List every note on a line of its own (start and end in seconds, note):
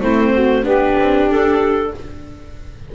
0.00 0.64 A3
0.00 0.63 C4
0.00 0.32 E4
0.00 0.65 C5
0.33 0.64 F#4
0.63 0.96 B3
0.63 1.91 D4
0.63 1.91 G4
0.63 1.30 B4
1.00 1.29 C4
1.29 1.93 D4
1.29 1.95 A4